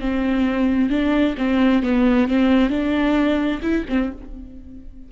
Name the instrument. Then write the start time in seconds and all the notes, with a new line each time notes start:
viola
0.00 C4
0.90 D4
1.38 C4
1.83 B3
2.28 C4
2.70 D4
3.62 E4
3.89 C4